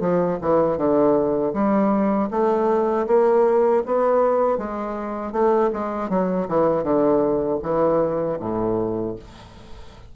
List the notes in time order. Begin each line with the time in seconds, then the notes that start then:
0.00 F3
0.41 E3
0.77 D3
1.53 G3
2.30 A3
3.07 A#3
3.86 B3
4.57 G#3
5.32 A3
5.73 G#3
6.09 F#3
6.48 E3
6.83 D3
7.62 E3
8.39 A2